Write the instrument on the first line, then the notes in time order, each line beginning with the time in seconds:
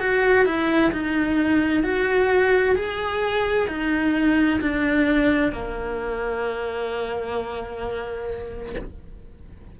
cello
0.00 F#4
0.46 E4
0.92 D#4
1.83 F#4
2.76 G#4
3.68 D#4
4.61 D4
5.52 A#3